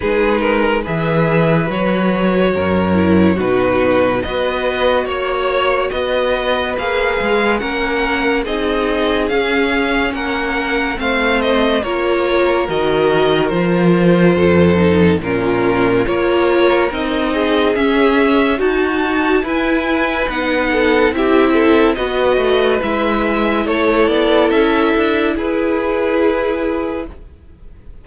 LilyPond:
<<
  \new Staff \with { instrumentName = "violin" } { \time 4/4 \tempo 4 = 71 b'4 e''4 cis''2 | b'4 dis''4 cis''4 dis''4 | f''4 fis''4 dis''4 f''4 | fis''4 f''8 dis''8 cis''4 dis''4 |
c''2 ais'4 cis''4 | dis''4 e''4 a''4 gis''4 | fis''4 e''4 dis''4 e''4 | cis''8 d''8 e''4 b'2 | }
  \new Staff \with { instrumentName = "violin" } { \time 4/4 gis'8 ais'8 b'2 ais'4 | fis'4 b'4 cis''4 b'4~ | b'4 ais'4 gis'2 | ais'4 c''4 ais'2~ |
ais'4 a'4 f'4 ais'4~ | ais'8 gis'4. fis'4 b'4~ | b'8 a'8 g'8 a'8 b'2 | a'2 gis'2 | }
  \new Staff \with { instrumentName = "viola" } { \time 4/4 dis'4 gis'4 fis'4. e'8 | dis'4 fis'2. | gis'4 cis'4 dis'4 cis'4~ | cis'4 c'4 f'4 fis'4 |
f'4. dis'8 cis'4 f'4 | dis'4 cis'4 fis'4 e'4 | dis'4 e'4 fis'4 e'4~ | e'1 | }
  \new Staff \with { instrumentName = "cello" } { \time 4/4 gis4 e4 fis4 fis,4 | b,4 b4 ais4 b4 | ais8 gis8 ais4 c'4 cis'4 | ais4 a4 ais4 dis4 |
f4 f,4 ais,4 ais4 | c'4 cis'4 dis'4 e'4 | b4 c'4 b8 a8 gis4 | a8 b8 cis'8 d'8 e'2 | }
>>